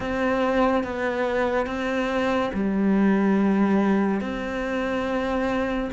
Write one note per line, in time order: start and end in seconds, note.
0.00 0.83 C4
0.83 1.66 B3
1.66 2.50 C4
2.54 4.21 G3
4.21 5.90 C4